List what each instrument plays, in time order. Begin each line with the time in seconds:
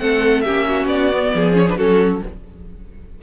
0.00 cello A3, viola C4, violin A4 F#5
0.42 cello A#3, viola C#4, violin G4 E5
0.68 violin F#4
0.86 cello B3, violin D5
1.14 viola B3
1.35 cello F3, violin G#4
1.53 viola C#4, violin C#5
1.69 viola D4, violin B4
1.78 cello F#3, viola C#4, violin F#4 A4